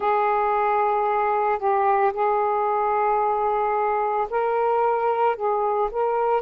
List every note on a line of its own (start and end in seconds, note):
0.00 1.58 G#4
1.58 2.12 G4
2.13 4.27 G#4
4.30 5.36 A#4
5.36 5.89 G#4
5.91 6.42 A#4